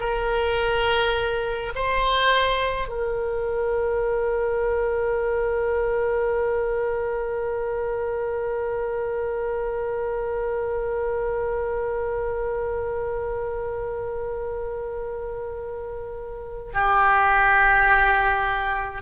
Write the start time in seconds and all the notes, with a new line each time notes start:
0.00 A#4
1.75 C5
2.88 A#4
16.74 G4